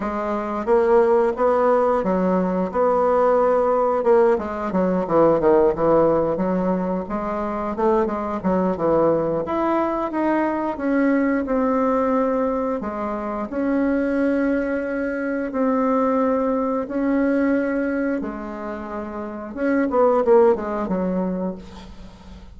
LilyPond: \new Staff \with { instrumentName = "bassoon" } { \time 4/4 \tempo 4 = 89 gis4 ais4 b4 fis4 | b2 ais8 gis8 fis8 e8 | dis8 e4 fis4 gis4 a8 | gis8 fis8 e4 e'4 dis'4 |
cis'4 c'2 gis4 | cis'2. c'4~ | c'4 cis'2 gis4~ | gis4 cis'8 b8 ais8 gis8 fis4 | }